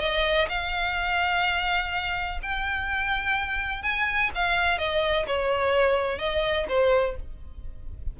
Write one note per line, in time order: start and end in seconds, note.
0.00 0.48 D#5
0.49 2.39 F5
2.42 3.82 G5
3.82 4.30 G#5
4.35 4.78 F5
4.78 5.25 D#5
5.27 6.18 C#5
6.18 6.66 D#5
6.68 7.16 C5